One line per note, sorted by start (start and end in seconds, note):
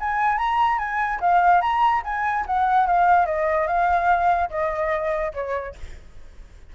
0.00 0.38 G#5
0.38 0.78 A#5
0.78 1.20 G#5
1.20 1.61 F5
1.61 2.02 A#5
2.04 2.45 G#5
2.46 2.87 F#5
2.87 3.26 F5
3.26 3.67 D#5
3.67 4.50 F5
4.50 5.32 D#5
5.34 5.75 C#5